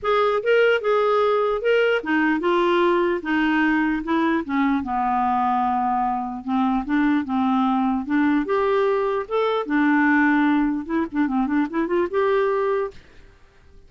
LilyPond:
\new Staff \with { instrumentName = "clarinet" } { \time 4/4 \tempo 4 = 149 gis'4 ais'4 gis'2 | ais'4 dis'4 f'2 | dis'2 e'4 cis'4 | b1 |
c'4 d'4 c'2 | d'4 g'2 a'4 | d'2. e'8 d'8 | c'8 d'8 e'8 f'8 g'2 | }